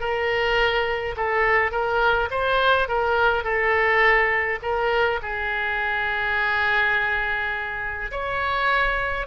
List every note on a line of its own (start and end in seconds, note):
0.00 1.15 A#4
1.16 1.71 A4
1.71 2.29 A#4
2.31 2.88 C5
2.88 3.44 A#4
3.44 4.59 A4
4.62 5.20 A#4
5.22 8.11 G#4
8.11 9.26 C#5